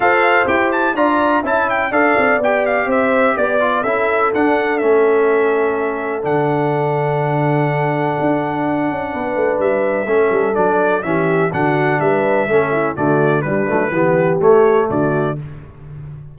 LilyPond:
<<
  \new Staff \with { instrumentName = "trumpet" } { \time 4/4 \tempo 4 = 125 f''4 g''8 a''8 ais''4 a''8 g''8 | f''4 g''8 f''8 e''4 d''4 | e''4 fis''4 e''2~ | e''4 fis''2.~ |
fis''1 | e''2 d''4 e''4 | fis''4 e''2 d''4 | b'2 cis''4 d''4 | }
  \new Staff \with { instrumentName = "horn" } { \time 4/4 c''2 d''4 e''4 | d''2 c''4 d''4 | a'1~ | a'1~ |
a'2. b'4~ | b'4 a'2 g'4 | fis'4 b'4 a'8 e'8 fis'4 | d'4 g'2 fis'4 | }
  \new Staff \with { instrumentName = "trombone" } { \time 4/4 a'4 g'4 f'4 e'4 | a'4 g'2~ g'8 f'8 | e'4 d'4 cis'2~ | cis'4 d'2.~ |
d'1~ | d'4 cis'4 d'4 cis'4 | d'2 cis'4 a4 | g8 a8 b4 a2 | }
  \new Staff \with { instrumentName = "tuba" } { \time 4/4 f'4 e'4 d'4 cis'4 | d'8 c'8 b4 c'4 b4 | cis'4 d'4 a2~ | a4 d2.~ |
d4 d'4. cis'8 b8 a8 | g4 a8 g8 fis4 e4 | d4 g4 a4 d4 | g8 fis8 e4 a4 d4 | }
>>